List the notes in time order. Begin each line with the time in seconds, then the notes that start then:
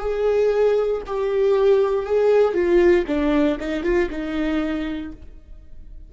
0.00 G#4
1.07 G4
2.06 G#4
2.54 F4
3.07 D4
3.60 D#4
3.84 F4
4.10 D#4